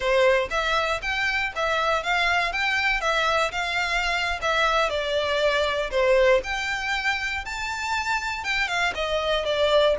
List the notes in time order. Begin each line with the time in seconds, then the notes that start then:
0.00 C5
0.50 E5
1.02 G5
1.55 E5
2.03 F5
2.52 G5
3.00 E5
3.51 F5
4.41 E5
4.89 D5
5.91 C5
6.43 G5
7.45 A5
8.44 G5
8.67 F5
8.94 D#5
9.45 D5